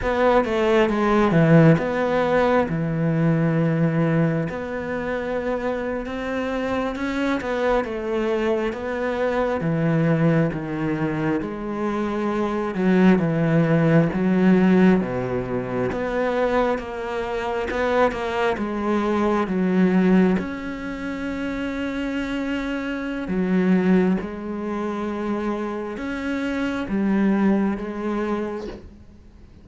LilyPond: \new Staff \with { instrumentName = "cello" } { \time 4/4 \tempo 4 = 67 b8 a8 gis8 e8 b4 e4~ | e4 b4.~ b16 c'4 cis'16~ | cis'16 b8 a4 b4 e4 dis16~ | dis8. gis4. fis8 e4 fis16~ |
fis8. b,4 b4 ais4 b16~ | b16 ais8 gis4 fis4 cis'4~ cis'16~ | cis'2 fis4 gis4~ | gis4 cis'4 g4 gis4 | }